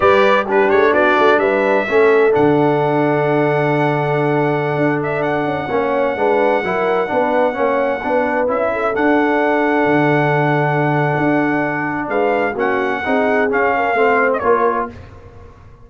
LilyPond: <<
  \new Staff \with { instrumentName = "trumpet" } { \time 4/4 \tempo 4 = 129 d''4 b'8 cis''8 d''4 e''4~ | e''4 fis''2.~ | fis''2~ fis''8. e''8 fis''8.~ | fis''1~ |
fis''2~ fis''16 e''4 fis''8.~ | fis''1~ | fis''2 f''4 fis''4~ | fis''4 f''4.~ f''16 dis''16 cis''4 | }
  \new Staff \with { instrumentName = "horn" } { \time 4/4 b'4 g'4 fis'4 b'4 | a'1~ | a'1~ | a'16 cis''4 b'4 ais'4 b'8.~ |
b'16 cis''4 b'4. a'4~ a'16~ | a'1~ | a'2 b'4 fis'4 | gis'4. ais'8 c''4 ais'4 | }
  \new Staff \with { instrumentName = "trombone" } { \time 4/4 g'4 d'2. | cis'4 d'2.~ | d'1~ | d'16 cis'4 d'4 e'4 d'8.~ |
d'16 cis'4 d'4 e'4 d'8.~ | d'1~ | d'2. cis'4 | dis'4 cis'4 c'4 f'4 | }
  \new Staff \with { instrumentName = "tuba" } { \time 4/4 g4. a8 b8 a8 g4 | a4 d2.~ | d2~ d16 d'4. cis'16~ | cis'16 ais4 gis4 fis4 b8.~ |
b16 ais4 b4 cis'4 d'8.~ | d'4~ d'16 d2~ d8. | d'2 gis4 ais4 | c'4 cis'4 a4 ais4 | }
>>